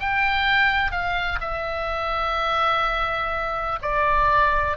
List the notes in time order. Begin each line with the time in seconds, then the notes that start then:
0.00 G5
0.92 F5
1.41 E5
3.82 D5